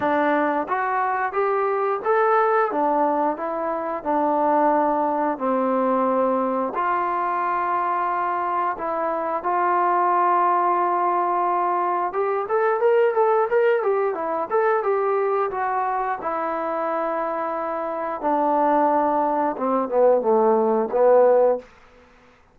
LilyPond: \new Staff \with { instrumentName = "trombone" } { \time 4/4 \tempo 4 = 89 d'4 fis'4 g'4 a'4 | d'4 e'4 d'2 | c'2 f'2~ | f'4 e'4 f'2~ |
f'2 g'8 a'8 ais'8 a'8 | ais'8 g'8 e'8 a'8 g'4 fis'4 | e'2. d'4~ | d'4 c'8 b8 a4 b4 | }